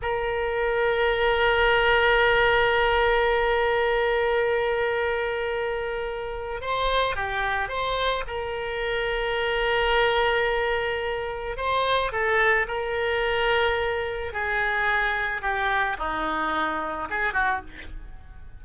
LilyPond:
\new Staff \with { instrumentName = "oboe" } { \time 4/4 \tempo 4 = 109 ais'1~ | ais'1~ | ais'1 | c''4 g'4 c''4 ais'4~ |
ais'1~ | ais'4 c''4 a'4 ais'4~ | ais'2 gis'2 | g'4 dis'2 gis'8 fis'8 | }